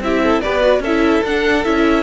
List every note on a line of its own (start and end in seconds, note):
0.00 0.41 C4
0.00 0.43 E4
0.00 0.23 G4
0.00 0.41 E5
0.23 0.43 A4
0.41 0.80 B3
0.41 0.61 G4
0.41 0.82 B4
0.41 0.81 D5
0.61 0.81 F#4
0.80 1.20 C#4
0.80 2.03 A4
0.80 1.24 E5
0.86 1.24 E4
1.23 1.64 D4
1.23 1.64 F#5
1.64 2.03 C#4
1.64 2.03 E4
1.64 2.03 E5